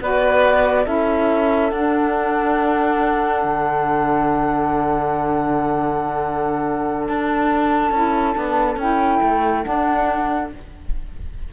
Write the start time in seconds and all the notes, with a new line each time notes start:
0.00 B3 F#4 B4 D5
0.84 C#4 E4 A4 E5
1.70 D4 F#5
3.44 D3
7.08 D4 A5
7.91 C#4 E4
8.33 B3 D4
8.76 C#4 E4 G5
9.22 A3
9.63 D4 F#5